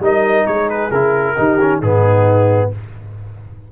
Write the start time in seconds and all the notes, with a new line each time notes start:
0.00 G3 D#4 A#4 D#5
0.47 G#3 G#4 C#5
0.70 B4
0.91 C#3 E4 A#4
1.37 D#3 D#4 G4
1.61 C#4
1.82 G#2 B3 D#4 G#4